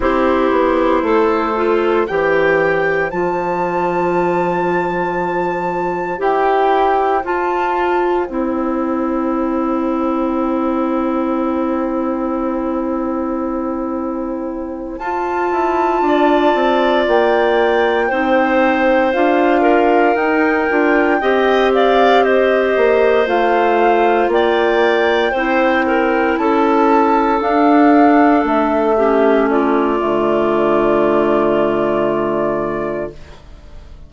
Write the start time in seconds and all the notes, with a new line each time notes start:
0.00 C4 E4 G4 C5
0.51 B3
1.02 A3 A4
1.55 F4
2.06 E3 G4 C5 G5
3.10 F3 F4 A5
6.18 E4 G4 G5
7.23 F4 A5
8.25 C4 E4 G5
14.98 F4 A5
15.51 E4
16.01 D4 D5
16.54 C4
17.07 A#3 G5
18.08 C4 D#4 C5
19.13 D4 F4 F5
19.61 A#4
20.15 D#4 G5
20.69 D4 F4
21.20 C4 G4 D#5
21.73 D5 F5
22.23 C5 D#5
22.76 A#3
23.26 A3 F4 F5
24.28 A#3 D5 G5
25.31 C4 E4 C5
25.86 A#4
26.37 C#4 A4 A5
27.39 D4 F5
28.44 A3 E5
28.97 C#4 G4
29.50 F4 D5
29.98 D3 A3